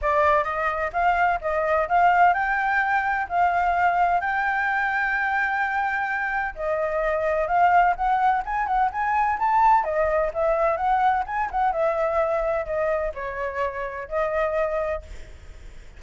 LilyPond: \new Staff \with { instrumentName = "flute" } { \time 4/4 \tempo 4 = 128 d''4 dis''4 f''4 dis''4 | f''4 g''2 f''4~ | f''4 g''2.~ | g''2 dis''2 |
f''4 fis''4 gis''8 fis''8 gis''4 | a''4 dis''4 e''4 fis''4 | gis''8 fis''8 e''2 dis''4 | cis''2 dis''2 | }